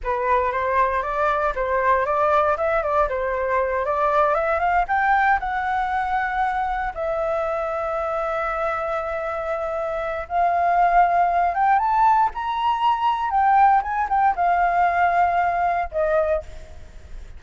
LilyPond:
\new Staff \with { instrumentName = "flute" } { \time 4/4 \tempo 4 = 117 b'4 c''4 d''4 c''4 | d''4 e''8 d''8 c''4. d''8~ | d''8 e''8 f''8 g''4 fis''4.~ | fis''4. e''2~ e''8~ |
e''1 | f''2~ f''8 g''8 a''4 | ais''2 g''4 gis''8 g''8 | f''2. dis''4 | }